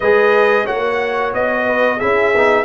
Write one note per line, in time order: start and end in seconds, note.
0.00 0.67 G#3
0.00 0.66 G#4
0.00 0.65 B4
0.00 0.66 D#5
0.65 1.33 A#3
0.65 1.99 F#4
0.65 1.65 C#5
0.65 1.32 F#5
1.33 2.00 B3
1.33 1.99 D#5
1.66 1.97 B4
1.97 2.35 C#4
1.97 2.34 E4
1.97 2.64 G#4
1.97 2.64 E5
2.35 2.64 B3
2.35 2.64 D#4